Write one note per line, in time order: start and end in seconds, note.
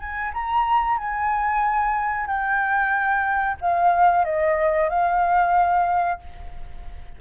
0.00 0.33 G#5
0.34 0.98 A#5
0.98 2.27 G#5
2.27 3.58 G5
3.61 4.25 F5
4.25 4.90 D#5
4.90 6.20 F5